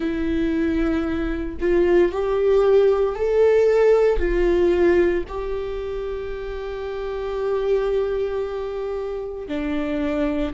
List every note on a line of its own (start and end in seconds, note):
0.00 1.56 E4
1.60 2.11 F4
2.11 3.15 G4
3.15 4.18 A4
4.18 5.23 F4
5.27 9.47 G4
9.47 10.53 D4